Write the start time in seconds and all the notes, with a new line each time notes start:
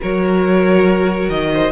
0.00 F#3 F#4 A#4 C#5
1.28 D#3 D#5
1.52 C5